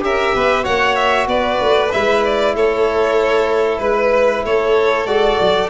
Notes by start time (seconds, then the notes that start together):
0.00 C#4 G4 A#4 E5
0.35 B3 B4
0.63 A#3 F#4 C#5 F#5
0.95 E5
1.27 B3 B4 D5
1.61 A3
1.91 G#3 E4 E5
2.24 D5
2.55 A3 A4 C#5
3.78 G#3 B4
4.44 A3 A4 C#5
5.06 G#3 F#4 D5
5.40 F#3